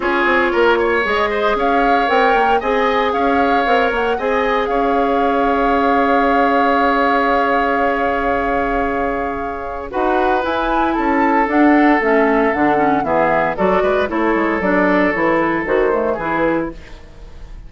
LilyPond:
<<
  \new Staff \with { instrumentName = "flute" } { \time 4/4 \tempo 4 = 115 cis''2 dis''4 f''4 | g''4 gis''4 f''4. fis''8 | gis''4 f''2.~ | f''1~ |
f''2. fis''4 | gis''4 a''4 fis''4 e''4 | fis''4 e''4 d''4 cis''4 | d''4 cis''8 b'8 c''4 b'4 | }
  \new Staff \with { instrumentName = "oboe" } { \time 4/4 gis'4 ais'8 cis''4 c''8 cis''4~ | cis''4 dis''4 cis''2 | dis''4 cis''2.~ | cis''1~ |
cis''2. b'4~ | b'4 a'2.~ | a'4 gis'4 a'8 b'8 a'4~ | a'2. gis'4 | }
  \new Staff \with { instrumentName = "clarinet" } { \time 4/4 f'2 gis'2 | ais'4 gis'2 ais'4 | gis'1~ | gis'1~ |
gis'2. fis'4 | e'2 d'4 cis'4 | d'8 cis'8 b4 fis'4 e'4 | d'4 e'4 fis'8 a8 e'4 | }
  \new Staff \with { instrumentName = "bassoon" } { \time 4/4 cis'8 c'8 ais4 gis4 cis'4 | c'8 ais8 c'4 cis'4 c'8 ais8 | c'4 cis'2.~ | cis'1~ |
cis'2. dis'4 | e'4 cis'4 d'4 a4 | d4 e4 fis8 gis8 a8 gis8 | fis4 e4 dis4 e4 | }
>>